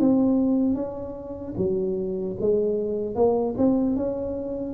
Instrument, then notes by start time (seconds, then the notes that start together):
tuba
0.00 C4
0.75 C#4
1.58 F#3
2.41 G#3
3.15 A#3
3.58 C4
3.96 C#4